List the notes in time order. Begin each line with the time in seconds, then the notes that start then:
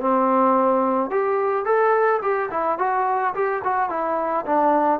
0.00 C4
1.10 G4
1.65 A4
2.22 G4
2.51 E4
2.78 F#4
3.34 G4
3.64 F#4
3.90 E4
4.46 D4